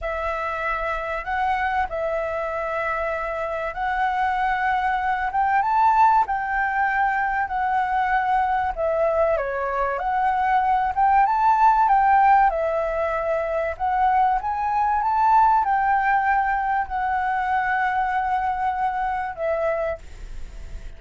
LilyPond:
\new Staff \with { instrumentName = "flute" } { \time 4/4 \tempo 4 = 96 e''2 fis''4 e''4~ | e''2 fis''2~ | fis''8 g''8 a''4 g''2 | fis''2 e''4 cis''4 |
fis''4. g''8 a''4 g''4 | e''2 fis''4 gis''4 | a''4 g''2 fis''4~ | fis''2. e''4 | }